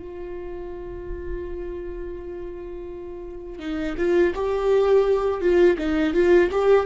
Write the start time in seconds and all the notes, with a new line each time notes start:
0.00 F4
3.59 D#4
3.98 F4
4.35 G4
5.42 F4
5.79 D#4
6.14 F4
6.52 G4